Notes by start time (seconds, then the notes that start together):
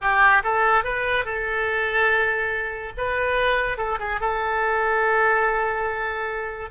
0.01 G4
0.43 A4
0.84 B4
1.24 A4
2.97 B4
3.77 A4
3.99 G#4
4.20 A4